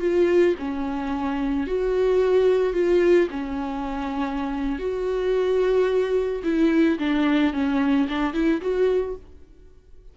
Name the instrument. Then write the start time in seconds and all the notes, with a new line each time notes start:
viola
0.00 F4
0.59 C#4
1.67 F#4
2.73 F4
3.30 C#4
4.79 F#4
6.44 E4
6.99 D4
7.53 C#4
8.08 D4
8.34 E4
8.61 F#4